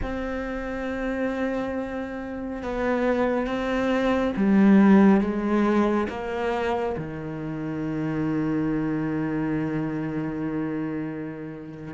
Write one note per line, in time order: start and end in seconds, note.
0.02 2.62 C4
2.62 3.46 B3
3.46 4.33 C4
4.36 5.20 G3
5.20 6.07 G#3
6.08 6.95 A#3
6.97 11.94 D#3